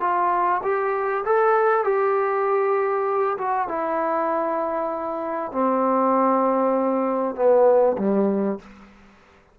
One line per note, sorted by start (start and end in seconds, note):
0.00 0.61 F4
0.63 1.24 G4
1.25 1.84 A4
1.84 3.37 G4
3.38 3.68 F#4
3.68 5.52 E4
5.52 7.35 C4
7.35 7.96 B3
7.98 8.59 G3